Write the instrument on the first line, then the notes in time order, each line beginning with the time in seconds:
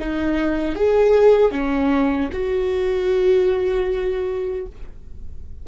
viola
0.00 D#4
0.76 G#4
1.52 C#4
2.33 F#4